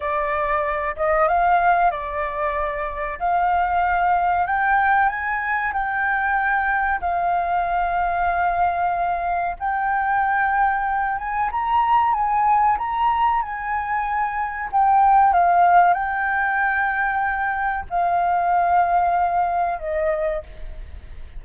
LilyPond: \new Staff \with { instrumentName = "flute" } { \time 4/4 \tempo 4 = 94 d''4. dis''8 f''4 d''4~ | d''4 f''2 g''4 | gis''4 g''2 f''4~ | f''2. g''4~ |
g''4. gis''8 ais''4 gis''4 | ais''4 gis''2 g''4 | f''4 g''2. | f''2. dis''4 | }